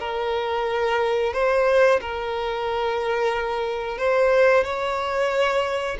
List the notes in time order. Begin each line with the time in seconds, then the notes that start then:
0.00 A#4
1.34 C5
2.01 A#4
3.98 C5
4.64 C#5